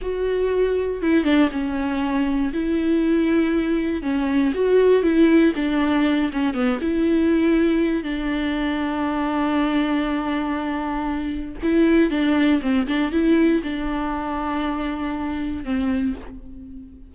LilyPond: \new Staff \with { instrumentName = "viola" } { \time 4/4 \tempo 4 = 119 fis'2 e'8 d'8 cis'4~ | cis'4 e'2. | cis'4 fis'4 e'4 d'4~ | d'8 cis'8 b8 e'2~ e'8 |
d'1~ | d'2. e'4 | d'4 c'8 d'8 e'4 d'4~ | d'2. c'4 | }